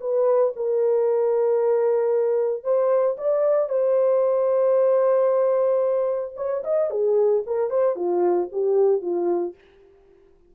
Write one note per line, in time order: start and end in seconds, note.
0.00 0.53 B4
0.56 2.63 A#4
2.63 3.16 C5
3.17 3.69 D5
3.69 6.34 C5
6.36 6.63 C#5
6.64 6.90 D#5
6.90 7.43 G#4
7.46 7.70 A#4
7.70 7.95 C5
7.95 8.48 F4
8.52 9.01 G4
9.01 9.55 F4